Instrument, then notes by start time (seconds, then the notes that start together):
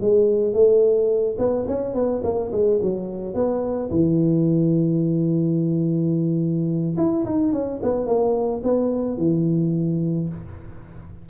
tuba
0.00 G#3
0.53 A3
1.38 B3
1.67 C#4
1.94 B3
2.23 A#3
2.52 G#3
2.82 F#3
3.34 B3
3.90 E3
6.96 E4
7.24 D#4
7.52 C#4
7.82 B3
8.06 A#3
8.63 B3
9.17 E3